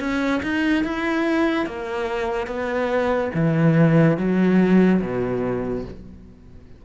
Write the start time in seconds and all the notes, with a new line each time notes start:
0.00 C#4
0.42 D#4
0.84 E4
1.66 A#3
2.47 B3
3.34 E3
4.17 F#3
5.01 B2